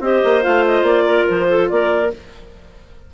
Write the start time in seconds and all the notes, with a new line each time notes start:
0.00 C4 G4 C5 D#5
0.24 A#3
0.41 A3 F4 F5
0.67 D#5
0.82 A#3 D5
1.05 A#4
1.28 F3 C5
1.49 A4
1.69 A#3 A#4 D5